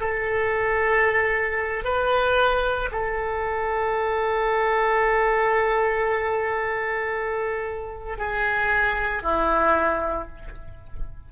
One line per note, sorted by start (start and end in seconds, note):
0.00 1.84 A4
1.84 2.89 B4
2.91 8.18 A4
8.18 9.22 G#4
9.22 10.28 E4